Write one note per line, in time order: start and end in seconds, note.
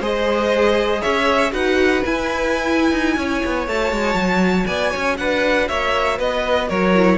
0.00 1.01 G#3
0.00 1.52 G#4
0.00 1.01 C5
0.00 1.01 D#5
1.01 1.52 C#4
1.01 1.51 C#5
1.01 1.52 E5
1.52 2.02 D#4
1.52 2.02 F#4
1.52 3.16 B4
1.52 2.04 F#5
2.05 3.68 E4
2.05 2.91 E4
2.05 3.68 G#5
2.91 3.16 D#4
3.16 3.42 C#4
3.16 4.67 C#5
3.45 3.67 B3
3.67 3.92 A3
3.67 6.95 F#4
3.67 4.66 A5
3.92 4.14 G#3
4.14 4.65 F#3
4.66 4.93 B3
4.66 4.91 D5
4.66 5.16 G#5
4.91 5.19 C#4
4.91 5.16 C#5
5.17 5.69 D4
5.17 5.68 B4
5.17 5.68 F#5
5.68 6.19 A#3
5.68 6.18 C#5
5.68 6.18 E5
6.18 6.69 B3
6.18 6.68 B4
6.18 6.69 D#5
6.68 7.17 F#3
6.68 7.17 A#4
6.68 7.17 C#5
6.95 7.17 E4